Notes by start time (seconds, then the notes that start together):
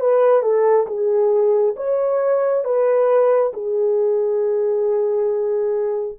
0.00 B4
0.42 A4
0.87 G#4
1.76 C#5
2.64 B4
3.53 G#4